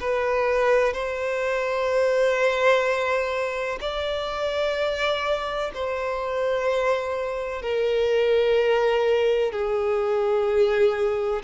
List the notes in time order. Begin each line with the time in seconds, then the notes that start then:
0.00 B4
0.93 C5
3.81 D5
5.74 C5
7.62 A#4
9.52 G#4